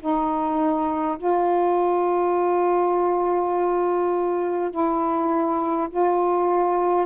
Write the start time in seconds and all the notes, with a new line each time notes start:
0.00 D#4
1.18 F4
4.71 E4
5.90 F4